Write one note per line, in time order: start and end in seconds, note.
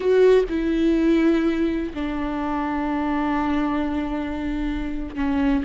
0.00 0.44 F#4
0.49 1.93 E4
1.93 5.15 D4
5.15 5.63 C#4